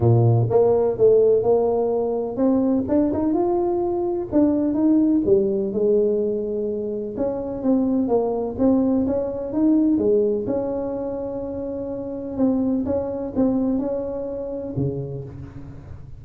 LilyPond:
\new Staff \with { instrumentName = "tuba" } { \time 4/4 \tempo 4 = 126 ais,4 ais4 a4 ais4~ | ais4 c'4 d'8 dis'8 f'4~ | f'4 d'4 dis'4 g4 | gis2. cis'4 |
c'4 ais4 c'4 cis'4 | dis'4 gis4 cis'2~ | cis'2 c'4 cis'4 | c'4 cis'2 cis4 | }